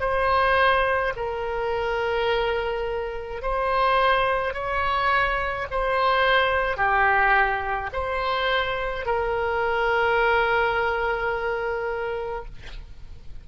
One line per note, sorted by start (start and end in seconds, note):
0.00 1.13 C5
1.16 3.42 A#4
3.42 4.54 C5
4.54 5.67 C#5
5.71 6.77 C5
6.77 7.90 G4
7.93 9.06 C5
9.06 12.45 A#4